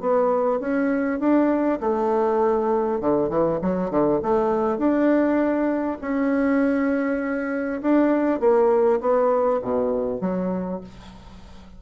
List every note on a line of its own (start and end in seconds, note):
0.00 0.60 B3
0.60 1.19 C#4
1.19 1.79 D4
1.80 3.00 A3
3.00 3.29 D3
3.29 3.59 E3
3.61 3.90 F#3
3.90 4.20 D3
4.22 4.78 A3
4.78 5.98 D4
6.01 7.81 C#4
7.81 8.40 D4
8.40 9.00 A#3
9.00 9.60 B3
9.62 10.21 B2
10.21 10.81 F#3